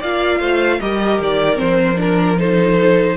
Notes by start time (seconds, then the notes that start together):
0.00 A#3 F4 D5 F5
0.40 A3 C5
0.81 G3 G4 A#4 D#5
1.20 D#3 D5
1.55 C4 C5
1.61 F3
1.97 D4 A#4
2.38 D#4 A4 C5